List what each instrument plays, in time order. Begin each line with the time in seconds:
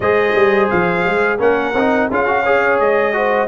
0.00 tuba G#3, trombone G#4, horn C5, trumpet D#5
0.35 tuba G3
0.69 tuba F3, trumpet F5
1.05 tuba G#3
1.38 tuba A#3, trombone C#4, horn A#4, trumpet F#5
1.74 tuba C4, trombone D#4
2.09 tuba C#4, trombone F4, horn G#4, trumpet F5
2.26 trombone F#4
2.42 trombone G#4, horn C#5
2.79 tuba G#3, trumpet D#5
3.12 trombone F#4, horn C5